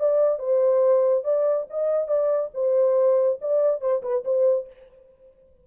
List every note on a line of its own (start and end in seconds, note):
0.00 0.39 D5
0.39 1.24 C5
1.25 1.67 D5
1.70 2.08 D#5
2.08 2.50 D5
2.54 3.39 C5
3.42 3.81 D5
3.81 4.03 C5
4.03 4.24 B4
4.25 4.67 C5